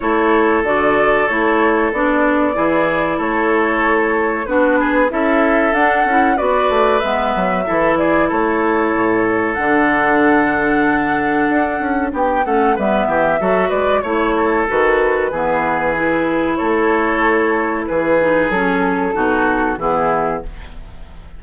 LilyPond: <<
  \new Staff \with { instrumentName = "flute" } { \time 4/4 \tempo 4 = 94 cis''4 d''4 cis''4 d''4~ | d''4 cis''2 b'4 | e''4 fis''4 d''4 e''4~ | e''8 d''8 cis''2 fis''4~ |
fis''2. g''8 fis''8 | e''4. d''8 cis''4 b'4~ | b'2 cis''2 | b'4 a'2 gis'4 | }
  \new Staff \with { instrumentName = "oboe" } { \time 4/4 a'1 | gis'4 a'2 fis'8 gis'8 | a'2 b'2 | a'8 gis'8 a'2.~ |
a'2. g'8 a'8 | b'8 g'8 a'8 b'8 cis''8 a'4. | gis'2 a'2 | gis'2 fis'4 e'4 | }
  \new Staff \with { instrumentName = "clarinet" } { \time 4/4 e'4 fis'4 e'4 d'4 | e'2. d'4 | e'4 d'8 e'8 fis'4 b4 | e'2. d'4~ |
d'2.~ d'8 cis'8 | b4 fis'4 e'4 fis'4 | b4 e'2.~ | e'8 dis'8 cis'4 dis'4 b4 | }
  \new Staff \with { instrumentName = "bassoon" } { \time 4/4 a4 d4 a4 b4 | e4 a2 b4 | cis'4 d'8 cis'8 b8 a8 gis8 fis8 | e4 a4 a,4 d4~ |
d2 d'8 cis'8 b8 a8 | g8 e8 fis8 gis8 a4 dis4 | e2 a2 | e4 fis4 b,4 e4 | }
>>